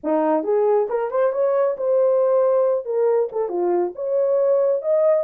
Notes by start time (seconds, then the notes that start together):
0.03 D#4
0.43 G#4
0.89 A#4
1.10 C5
1.32 C#5
1.77 C5
2.85 A#4
3.32 A4
3.48 F4
3.95 C#5
4.82 D#5